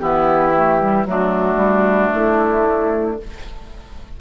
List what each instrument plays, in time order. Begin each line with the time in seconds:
0.00 bassoon E3, clarinet B3, oboe E4, flute G4
0.55 clarinet A3
0.80 clarinet G3
1.06 bassoon F#3, clarinet A3, oboe D4, flute F#4
1.56 bassoon G3
2.14 bassoon A3, flute E4